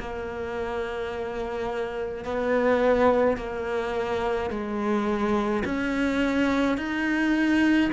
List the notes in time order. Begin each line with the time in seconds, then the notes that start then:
0.00 A#3
2.25 B3
3.38 A#3
4.50 G#3
5.65 C#4
6.78 D#4